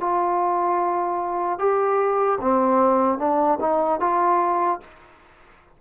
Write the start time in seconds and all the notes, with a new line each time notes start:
0.00 F4
1.59 G4
2.41 C4
3.19 D4
3.60 D#4
4.00 F4